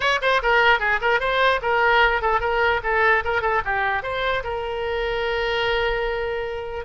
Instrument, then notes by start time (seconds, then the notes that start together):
oboe
0.00 C#5
0.21 C5
0.42 A#4
0.79 G#4
1.01 A#4
1.20 C5
1.61 A#4
2.21 A4
2.40 A#4
2.83 A4
3.24 A#4
3.41 A4
3.65 G4
4.02 C5
4.43 A#4